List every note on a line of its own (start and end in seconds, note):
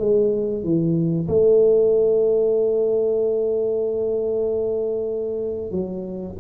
0.00 0.64 G#3
0.64 1.28 E3
1.28 5.71 A3
5.71 6.35 F#3